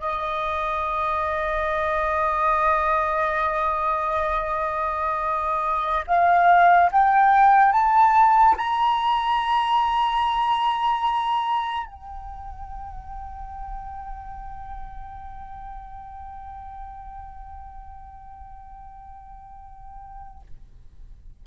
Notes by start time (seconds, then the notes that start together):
0.00 D#5
6.07 F5
6.92 G5
7.72 A5
8.57 A#5
11.87 G5